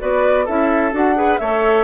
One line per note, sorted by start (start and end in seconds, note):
0.00 0.48 B3
0.00 0.46 F#4
0.00 0.45 B4
0.00 0.47 D5
0.45 0.93 C#4
0.45 0.93 E4
0.45 1.15 A4
0.45 0.94 E5
0.93 1.39 D4
0.93 1.16 F#4
0.93 1.39 F#5
1.16 1.39 G#4
1.16 1.40 B4
1.39 1.84 A3
1.39 1.84 A4
1.39 1.84 C#5
1.39 1.84 E5